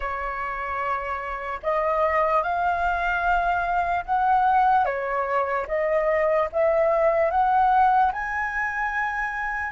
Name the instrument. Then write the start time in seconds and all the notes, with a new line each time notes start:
flute
0.00 C#5
1.63 D#5
2.42 F5
4.05 F#5
4.85 C#5
5.67 D#5
6.52 E5
7.30 F#5
8.12 G#5